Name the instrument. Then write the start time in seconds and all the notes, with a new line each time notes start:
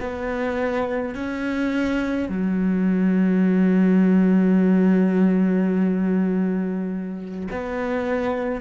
cello
0.00 B3
1.15 C#4
2.29 F#3
7.51 B3